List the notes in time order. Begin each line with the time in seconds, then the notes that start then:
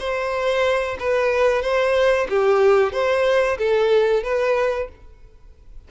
0.00 C5
1.00 B4
1.62 C5
2.29 G4
2.93 C5
3.58 A4
4.23 B4